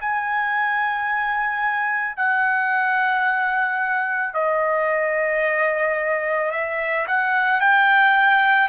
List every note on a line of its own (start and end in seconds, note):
0.00 2.17 G#5
2.17 4.34 F#5
4.34 6.52 D#5
6.52 7.06 E5
7.08 7.61 F#5
7.61 8.69 G5